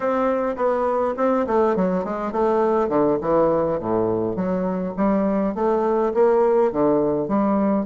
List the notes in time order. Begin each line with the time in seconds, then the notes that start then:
0.00 C4
0.56 B3
1.17 C4
1.46 A3
1.76 F#3
2.04 G#3
2.32 A3
2.89 D3
3.21 E3
3.79 A2
4.35 F#3
4.96 G3
5.54 A3
6.14 A#3
6.71 D3
7.28 G3